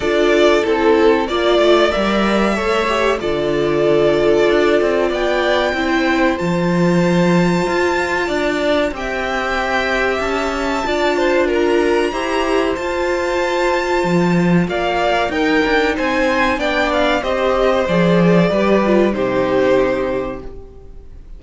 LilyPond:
<<
  \new Staff \with { instrumentName = "violin" } { \time 4/4 \tempo 4 = 94 d''4 a'4 d''4 e''4~ | e''4 d''2. | g''2 a''2~ | a''2 g''2 |
a''2 ais''2 | a''2. f''4 | g''4 gis''4 g''8 f''8 dis''4 | d''2 c''2 | }
  \new Staff \with { instrumentName = "violin" } { \time 4/4 a'2 d''2 | cis''4 a'2. | d''4 c''2.~ | c''4 d''4 e''2~ |
e''4 d''8 c''8 ais'4 c''4~ | c''2. d''4 | ais'4 c''4 d''4 c''4~ | c''4 b'4 g'2 | }
  \new Staff \with { instrumentName = "viola" } { \time 4/4 f'4 e'4 f'4 ais'4 | a'8 g'8 f'2.~ | f'4 e'4 f'2~ | f'2 g'2~ |
g'4 f'2 g'4 | f'1 | dis'2 d'4 g'4 | gis'4 g'8 f'8 dis'2 | }
  \new Staff \with { instrumentName = "cello" } { \time 4/4 d'4 c'4 ais8 a8 g4 | a4 d2 d'8 c'8 | b4 c'4 f2 | f'4 d'4 c'2 |
cis'4 d'2 e'4 | f'2 f4 ais4 | dis'8 d'8 c'4 b4 c'4 | f4 g4 c2 | }
>>